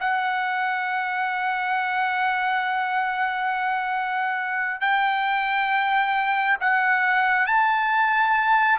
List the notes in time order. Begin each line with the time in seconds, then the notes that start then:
0.00 F#5
4.81 G5
6.61 F#5
7.46 A5